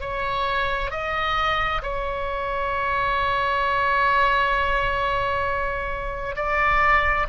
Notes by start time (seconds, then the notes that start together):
0.00 C#5
0.90 D#5
1.82 C#5
6.35 D5